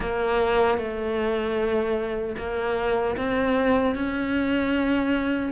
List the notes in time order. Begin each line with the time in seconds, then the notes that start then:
0.00 A#3
0.78 A3
2.37 A#3
3.17 C4
3.95 C#4